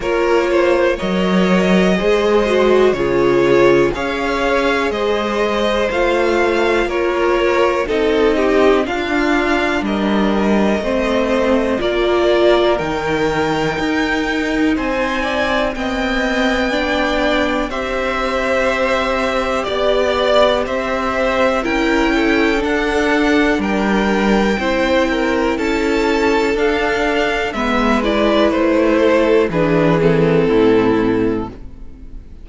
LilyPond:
<<
  \new Staff \with { instrumentName = "violin" } { \time 4/4 \tempo 4 = 61 cis''4 dis''2 cis''4 | f''4 dis''4 f''4 cis''4 | dis''4 f''4 dis''2 | d''4 g''2 gis''4 |
g''2 e''2 | d''4 e''4 g''4 fis''4 | g''2 a''4 f''4 | e''8 d''8 c''4 b'8 a'4. | }
  \new Staff \with { instrumentName = "violin" } { \time 4/4 ais'8 c''8 cis''4 c''4 gis'4 | cis''4 c''2 ais'4 | a'8 g'8 f'4 ais'4 c''4 | ais'2. c''8 d''8 |
dis''4 d''4 c''2 | d''4 c''4 ais'8 a'4. | ais'4 c''8 ais'8 a'2 | b'4. a'8 gis'4 e'4 | }
  \new Staff \with { instrumentName = "viola" } { \time 4/4 f'4 ais'4 gis'8 fis'8 f'4 | gis'2 f'2 | dis'4 d'2 c'4 | f'4 dis'2. |
c'4 d'4 g'2~ | g'2 e'4 d'4~ | d'4 e'2 d'4 | b8 e'4. d'8 c'4. | }
  \new Staff \with { instrumentName = "cello" } { \time 4/4 ais4 fis4 gis4 cis4 | cis'4 gis4 a4 ais4 | c'4 d'4 g4 a4 | ais4 dis4 dis'4 c'4 |
b2 c'2 | b4 c'4 cis'4 d'4 | g4 c'4 cis'4 d'4 | gis4 a4 e4 a,4 | }
>>